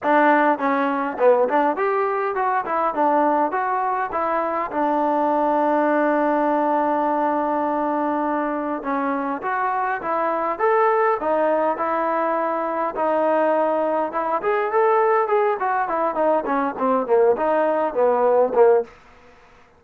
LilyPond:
\new Staff \with { instrumentName = "trombone" } { \time 4/4 \tempo 4 = 102 d'4 cis'4 b8 d'8 g'4 | fis'8 e'8 d'4 fis'4 e'4 | d'1~ | d'2. cis'4 |
fis'4 e'4 a'4 dis'4 | e'2 dis'2 | e'8 gis'8 a'4 gis'8 fis'8 e'8 dis'8 | cis'8 c'8 ais8 dis'4 b4 ais8 | }